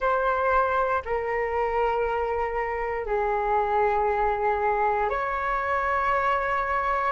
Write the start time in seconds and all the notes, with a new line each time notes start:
0.00 C5
1.04 A#4
3.06 G#4
5.09 C#5